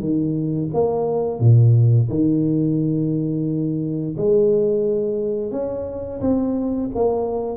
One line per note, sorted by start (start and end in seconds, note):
0.00 0.69 D#3
0.73 1.40 A#3
1.40 2.09 A#2
2.09 4.16 D#3
4.17 5.51 G#3
5.51 6.20 C#4
6.21 6.90 C4
6.95 7.57 A#3